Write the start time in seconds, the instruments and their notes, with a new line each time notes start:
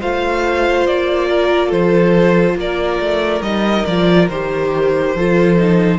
0.00 cello A3, viola F4, violin C5 F5
0.87 cello A#3, violin D5
1.30 violin A#4
1.68 cello F3, violin A4 C5
2.56 cello A#3, violin A#4 D5
3.00 cello A3
3.41 cello G3, viola D#4, violin D#5
3.86 cello F3, viola F4, violin D5
4.30 cello D#3, viola G4, violin C5
5.15 cello F3, viola F4, violin A4
5.58 viola D#4